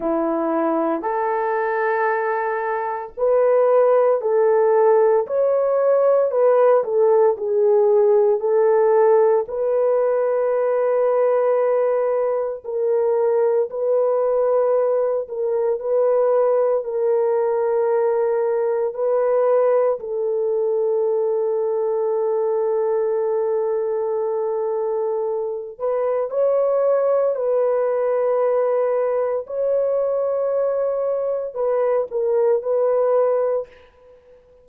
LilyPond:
\new Staff \with { instrumentName = "horn" } { \time 4/4 \tempo 4 = 57 e'4 a'2 b'4 | a'4 cis''4 b'8 a'8 gis'4 | a'4 b'2. | ais'4 b'4. ais'8 b'4 |
ais'2 b'4 a'4~ | a'1~ | a'8 b'8 cis''4 b'2 | cis''2 b'8 ais'8 b'4 | }